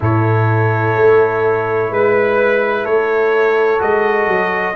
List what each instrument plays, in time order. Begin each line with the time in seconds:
0.00 tuba A2, trombone E4, horn A4, trumpet C#5
0.96 tuba A3
1.90 tuba G#3, horn B4, trumpet B4
2.84 tuba A3, horn A4, trumpet C#5
3.78 tuba G#3, trombone F#4, trumpet D#5
4.27 tuba F#3